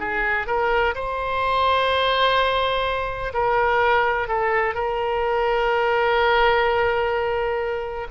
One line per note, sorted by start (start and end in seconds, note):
0.00 0.47 G#4
0.47 0.95 A#4
0.95 3.33 C5
3.34 4.28 A#4
4.28 4.74 A4
4.74 8.08 A#4